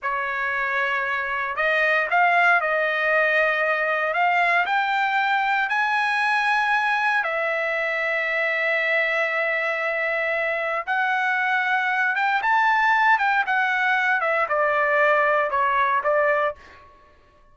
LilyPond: \new Staff \with { instrumentName = "trumpet" } { \time 4/4 \tempo 4 = 116 cis''2. dis''4 | f''4 dis''2. | f''4 g''2 gis''4~ | gis''2 e''2~ |
e''1~ | e''4 fis''2~ fis''8 g''8 | a''4. g''8 fis''4. e''8 | d''2 cis''4 d''4 | }